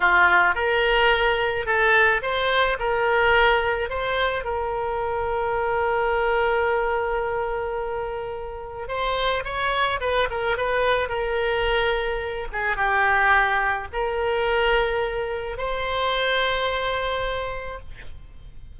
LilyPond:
\new Staff \with { instrumentName = "oboe" } { \time 4/4 \tempo 4 = 108 f'4 ais'2 a'4 | c''4 ais'2 c''4 | ais'1~ | ais'1 |
c''4 cis''4 b'8 ais'8 b'4 | ais'2~ ais'8 gis'8 g'4~ | g'4 ais'2. | c''1 | }